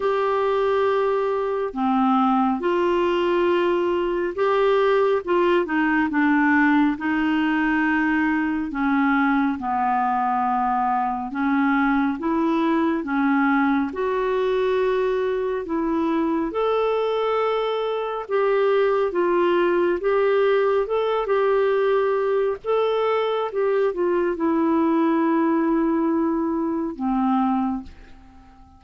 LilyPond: \new Staff \with { instrumentName = "clarinet" } { \time 4/4 \tempo 4 = 69 g'2 c'4 f'4~ | f'4 g'4 f'8 dis'8 d'4 | dis'2 cis'4 b4~ | b4 cis'4 e'4 cis'4 |
fis'2 e'4 a'4~ | a'4 g'4 f'4 g'4 | a'8 g'4. a'4 g'8 f'8 | e'2. c'4 | }